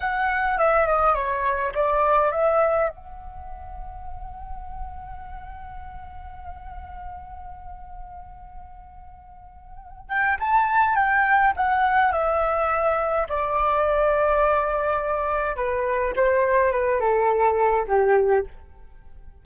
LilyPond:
\new Staff \with { instrumentName = "flute" } { \time 4/4 \tempo 4 = 104 fis''4 e''8 dis''8 cis''4 d''4 | e''4 fis''2.~ | fis''1~ | fis''1~ |
fis''4. g''8 a''4 g''4 | fis''4 e''2 d''4~ | d''2. b'4 | c''4 b'8 a'4. g'4 | }